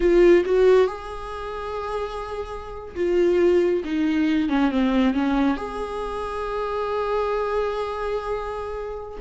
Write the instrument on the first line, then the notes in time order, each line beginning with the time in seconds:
viola
0.00 F4
0.45 F#4
0.87 G#4
2.95 F4
3.84 D#4
4.49 C#4
4.71 C4
5.14 C#4
5.57 G#4